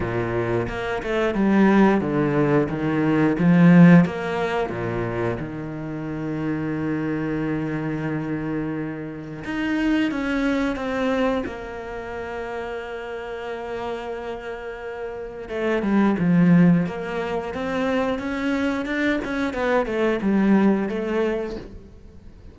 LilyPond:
\new Staff \with { instrumentName = "cello" } { \time 4/4 \tempo 4 = 89 ais,4 ais8 a8 g4 d4 | dis4 f4 ais4 ais,4 | dis1~ | dis2 dis'4 cis'4 |
c'4 ais2.~ | ais2. a8 g8 | f4 ais4 c'4 cis'4 | d'8 cis'8 b8 a8 g4 a4 | }